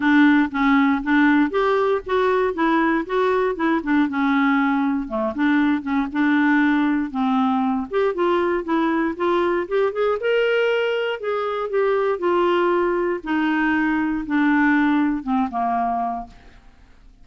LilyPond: \new Staff \with { instrumentName = "clarinet" } { \time 4/4 \tempo 4 = 118 d'4 cis'4 d'4 g'4 | fis'4 e'4 fis'4 e'8 d'8 | cis'2 a8 d'4 cis'8 | d'2 c'4. g'8 |
f'4 e'4 f'4 g'8 gis'8 | ais'2 gis'4 g'4 | f'2 dis'2 | d'2 c'8 ais4. | }